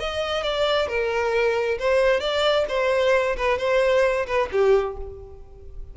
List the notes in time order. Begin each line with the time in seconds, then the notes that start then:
0.00 D#5
0.43 D5
0.88 A#4
1.79 C5
2.20 D5
2.68 C5
3.36 B4
3.58 C5
4.27 B4
4.52 G4